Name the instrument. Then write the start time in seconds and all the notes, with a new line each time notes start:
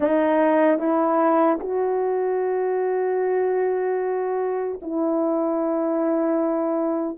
horn
0.00 D#4
0.79 E4
1.60 F#4
4.82 E4